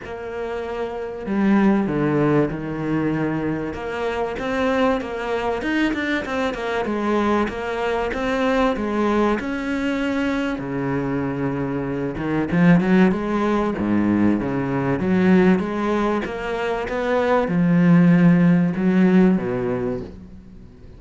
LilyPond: \new Staff \with { instrumentName = "cello" } { \time 4/4 \tempo 4 = 96 ais2 g4 d4 | dis2 ais4 c'4 | ais4 dis'8 d'8 c'8 ais8 gis4 | ais4 c'4 gis4 cis'4~ |
cis'4 cis2~ cis8 dis8 | f8 fis8 gis4 gis,4 cis4 | fis4 gis4 ais4 b4 | f2 fis4 b,4 | }